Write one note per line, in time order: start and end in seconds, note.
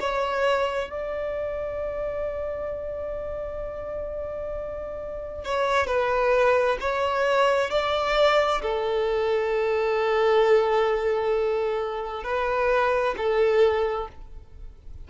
0.00 0.90 C#5
0.90 5.44 D5
5.44 5.87 C#5
5.87 6.78 B4
6.80 7.71 C#5
7.71 8.62 D5
8.62 12.24 A4
12.24 13.14 B4
13.17 14.08 A4